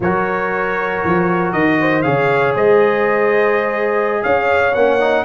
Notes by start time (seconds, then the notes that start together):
0.00 F#3 F#4 A#4 C#5
1.04 F3
1.52 D#3 D#5
1.80 C5
2.01 C#3 G#4 C#5 F5
2.55 G#3 C5 D#5
4.22 C#4 C#5 F5
4.74 A#3 C#4 F#5
4.99 D#4